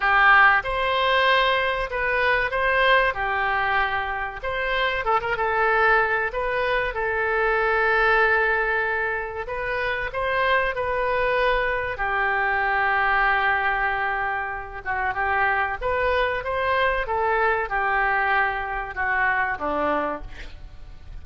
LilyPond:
\new Staff \with { instrumentName = "oboe" } { \time 4/4 \tempo 4 = 95 g'4 c''2 b'4 | c''4 g'2 c''4 | a'16 ais'16 a'4. b'4 a'4~ | a'2. b'4 |
c''4 b'2 g'4~ | g'2.~ g'8 fis'8 | g'4 b'4 c''4 a'4 | g'2 fis'4 d'4 | }